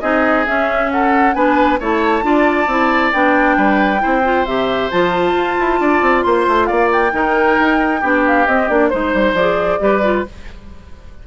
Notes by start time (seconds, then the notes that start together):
0.00 C4 D#4 G#4 D#5
0.46 C#4 E5
0.91 A4 F#5
1.34 B3 D4 B4 G#5
1.79 A3 E4 C#5 A5
2.22 D4 F4 D5
2.66 C4 E4
3.12 B3 D4 G5
3.57 G3 B4
3.99 E4 C5
4.05 C4
4.24 F4
4.45 C3 G4 E5
4.90 F3 F4 A5
5.32 F4
5.59 E4
5.80 D4 D5
6.01 C4
6.22 A#3 C5 C6
6.47 A3
6.66 A#3 D5 F5
6.92 G5
7.11 D#3 D#4 A#4
7.59 D#4
8.00 B3 D4 G4
8.26 F5
8.46 C4 D#5
8.68 A#3 D4 D5
8.89 G#3 D#4 C5
9.13 G3
9.33 F3 D5
9.39 G#4
9.79 G3 G4 B4
10.02 F4